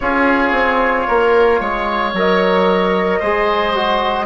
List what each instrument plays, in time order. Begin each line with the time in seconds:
0.00 bassoon C#4, trombone F4, oboe G#4, trumpet C#5
0.51 bassoon C4
1.07 bassoon A#3, oboe A#4
1.60 bassoon G#3, oboe C#5
2.13 bassoon F#3, trombone A#4, trumpet D#5
3.19 bassoon G#3, trombone G#4, oboe C5
3.75 trombone F#4